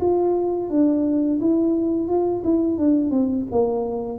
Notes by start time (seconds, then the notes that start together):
0.00 F4
0.69 D4
1.40 E4
2.08 F4
2.43 E4
2.78 D4
3.10 C4
3.51 A#3